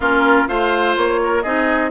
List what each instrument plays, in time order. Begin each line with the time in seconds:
0.00 bassoon A#3, clarinet C#4, oboe F4, flute A#4
0.47 bassoon A3, clarinet F4, oboe C5, flute F5
0.96 bassoon A#3, flute C#5
1.23 oboe A#4
1.42 bassoon C4, clarinet D#4, oboe G#4, flute D#5